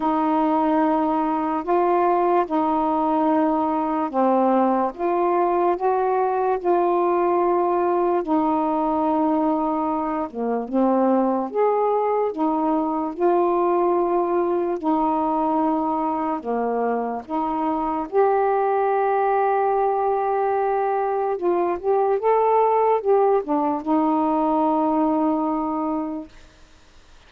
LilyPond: \new Staff \with { instrumentName = "saxophone" } { \time 4/4 \tempo 4 = 73 dis'2 f'4 dis'4~ | dis'4 c'4 f'4 fis'4 | f'2 dis'2~ | dis'8 ais8 c'4 gis'4 dis'4 |
f'2 dis'2 | ais4 dis'4 g'2~ | g'2 f'8 g'8 a'4 | g'8 d'8 dis'2. | }